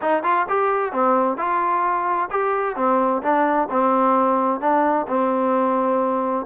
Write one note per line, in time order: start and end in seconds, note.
0.01 0.23 D#4
0.23 0.46 F4
0.48 0.92 G4
0.92 1.37 C4
1.37 2.29 F4
2.30 2.75 G4
2.75 3.22 C4
3.22 3.68 D4
3.70 4.60 C4
4.60 5.06 D4
5.07 6.46 C4